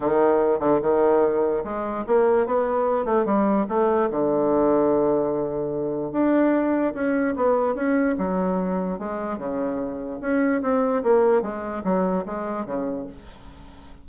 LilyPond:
\new Staff \with { instrumentName = "bassoon" } { \time 4/4 \tempo 4 = 147 dis4. d8 dis2 | gis4 ais4 b4. a8 | g4 a4 d2~ | d2. d'4~ |
d'4 cis'4 b4 cis'4 | fis2 gis4 cis4~ | cis4 cis'4 c'4 ais4 | gis4 fis4 gis4 cis4 | }